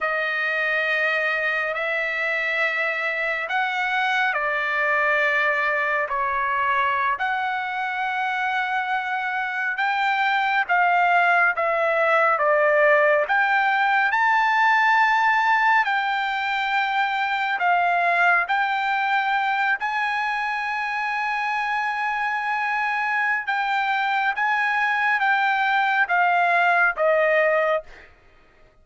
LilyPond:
\new Staff \with { instrumentName = "trumpet" } { \time 4/4 \tempo 4 = 69 dis''2 e''2 | fis''4 d''2 cis''4~ | cis''16 fis''2. g''8.~ | g''16 f''4 e''4 d''4 g''8.~ |
g''16 a''2 g''4.~ g''16~ | g''16 f''4 g''4. gis''4~ gis''16~ | gis''2. g''4 | gis''4 g''4 f''4 dis''4 | }